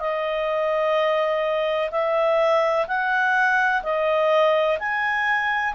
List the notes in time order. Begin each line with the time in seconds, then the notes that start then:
0.00 D#5
1.91 E5
2.87 F#5
3.83 D#5
4.79 G#5